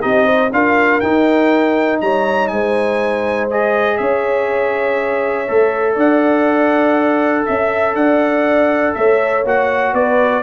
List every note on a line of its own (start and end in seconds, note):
0.00 0.52 C4
0.00 0.50 D#4
0.00 0.26 G4
0.00 0.51 D#5
0.26 0.50 C5
0.52 1.01 D4
0.52 1.02 F4
0.52 2.02 A#4
0.52 1.00 F5
1.00 2.01 D#4
1.00 3.50 D#4
1.00 1.99 G5
2.00 2.51 G3
2.00 2.52 C#5
2.00 2.47 A#5
2.47 3.99 G#3
2.47 3.99 C5
2.47 3.46 G#5
3.50 5.48 G#4
3.50 3.97 D#5
3.97 5.48 C#4
3.97 5.94 C#5
3.97 5.95 E5
5.48 5.96 A3
5.48 9.44 A4
5.94 7.45 D4
5.94 7.43 D5
5.94 7.45 F#5
7.45 7.94 C#4
7.45 7.95 E5
7.45 7.96 E5
7.94 8.93 D4
7.94 8.96 D5
7.94 8.94 F#5
8.94 9.44 A3
8.94 9.94 C#5
8.94 9.43 E5
9.44 9.93 A#3
9.44 10.43 F#4
9.44 9.94 F#5
9.93 10.43 B3
9.93 10.43 B4
9.93 10.43 D5